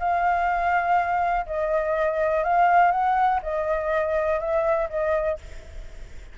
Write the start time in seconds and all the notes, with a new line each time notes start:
0.00 F5
1.47 D#5
2.44 F5
2.92 F#5
3.43 D#5
4.40 E5
4.90 D#5